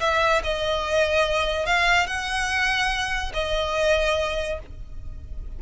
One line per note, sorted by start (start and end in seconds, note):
0.00 0.42 E5
0.43 1.66 D#5
1.66 2.07 F5
2.07 3.32 F#5
3.33 4.59 D#5